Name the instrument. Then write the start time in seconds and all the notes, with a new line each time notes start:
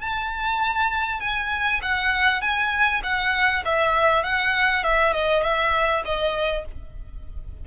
violin
0.00 A5
1.20 G#5
1.82 F#5
2.41 G#5
3.03 F#5
3.65 E5
4.23 F#5
4.83 E5
5.13 D#5
5.42 E5
6.05 D#5